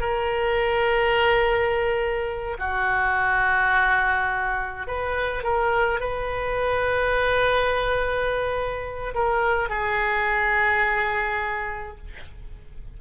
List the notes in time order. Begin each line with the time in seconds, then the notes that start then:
0.00 A#4
2.59 F#4
4.87 B4
5.43 A#4
5.99 B4
9.14 A#4
9.69 G#4